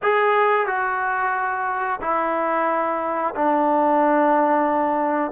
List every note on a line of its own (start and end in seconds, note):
0.02 0.66 G#4
0.66 1.99 F#4
2.01 3.34 E4
3.35 5.31 D4